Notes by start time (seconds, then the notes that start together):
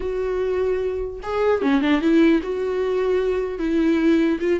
0.00 F#4
1.23 G#4
1.61 C#4
1.81 D4
2.01 E4
2.42 F#4
3.58 E4
4.40 F4